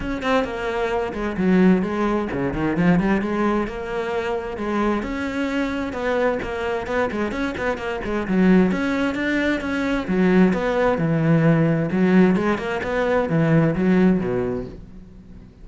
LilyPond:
\new Staff \with { instrumentName = "cello" } { \time 4/4 \tempo 4 = 131 cis'8 c'8 ais4. gis8 fis4 | gis4 cis8 dis8 f8 g8 gis4 | ais2 gis4 cis'4~ | cis'4 b4 ais4 b8 gis8 |
cis'8 b8 ais8 gis8 fis4 cis'4 | d'4 cis'4 fis4 b4 | e2 fis4 gis8 ais8 | b4 e4 fis4 b,4 | }